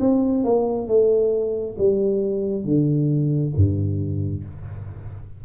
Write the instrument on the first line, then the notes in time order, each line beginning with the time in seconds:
tuba
0.00 C4
0.44 A#3
0.87 A3
1.78 G3
2.64 D3
3.56 G2